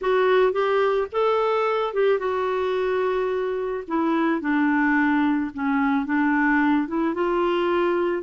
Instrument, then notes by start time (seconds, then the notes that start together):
clarinet
0.01 F#4
0.52 G4
1.12 A4
1.93 G4
2.18 F#4
3.87 E4
4.41 D4
5.53 C#4
6.05 D4
6.87 E4
7.14 F4